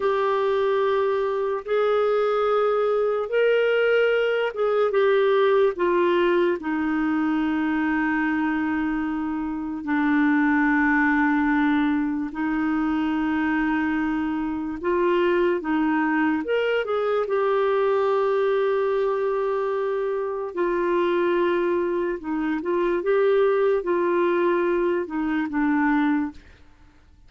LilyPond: \new Staff \with { instrumentName = "clarinet" } { \time 4/4 \tempo 4 = 73 g'2 gis'2 | ais'4. gis'8 g'4 f'4 | dis'1 | d'2. dis'4~ |
dis'2 f'4 dis'4 | ais'8 gis'8 g'2.~ | g'4 f'2 dis'8 f'8 | g'4 f'4. dis'8 d'4 | }